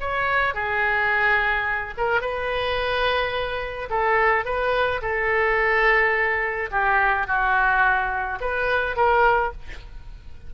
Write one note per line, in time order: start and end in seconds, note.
0.00 0.54 C#5
0.54 1.94 G#4
1.97 2.21 A#4
2.21 3.89 B4
3.90 4.45 A4
4.45 5.01 B4
5.02 6.70 A4
6.71 7.27 G4
7.27 8.39 F#4
8.41 8.96 B4
8.96 9.52 A#4